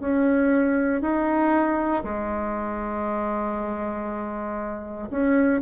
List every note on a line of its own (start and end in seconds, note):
0.00 1.02 C#4
1.02 2.03 D#4
2.04 5.09 G#3
5.11 5.62 C#4